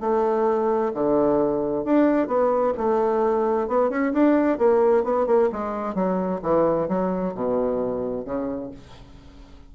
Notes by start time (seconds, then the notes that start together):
0.00 A3
0.93 D3
1.84 D4
2.27 B3
2.77 A3
3.67 B3
3.90 C#4
4.13 D4
4.58 A#3
5.03 B3
5.26 A#3
5.52 G#3
5.94 F#3
6.42 E3
6.88 F#3
7.34 B2
8.24 C#3